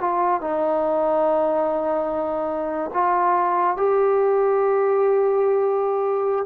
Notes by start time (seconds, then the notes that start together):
0.00 F4
0.41 D#4
2.93 F4
3.77 G4